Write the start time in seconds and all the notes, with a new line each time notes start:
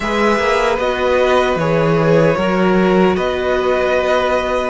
0.00 G#3 G#4 B4 E5
0.38 A#3
0.78 B3 F#4 D#5
1.55 E3 G#4 C#5
2.35 F#3 F#4 A#4
3.16 B3 B4 D#5